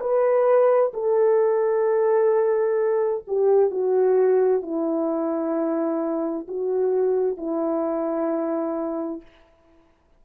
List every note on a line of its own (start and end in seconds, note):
0.00 0.92 B4
0.94 3.24 A4
3.27 3.71 G4
3.71 4.62 F#4
4.62 6.47 E4
6.48 7.37 F#4
7.37 9.22 E4